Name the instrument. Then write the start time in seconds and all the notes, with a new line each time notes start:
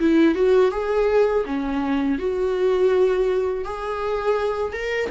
viola
0.00 E4
0.36 F#4
0.72 G#4
1.46 C#4
2.19 F#4
3.65 G#4
4.73 A#4